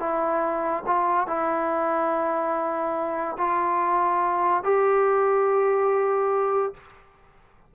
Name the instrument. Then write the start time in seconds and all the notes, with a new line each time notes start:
trombone
0.00 E4
0.87 F4
1.28 E4
3.38 F4
4.64 G4